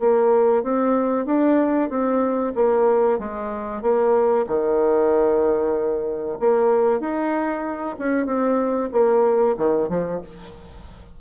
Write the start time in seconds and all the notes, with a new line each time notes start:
0.00 A#3
0.64 C4
1.26 D4
1.90 C4
2.56 A#3
3.19 G#3
3.82 A#3
4.47 D#3
6.40 A#3
7.00 D#4
7.99 C#4
8.26 C4
8.92 A#3
9.57 D#3
9.89 F3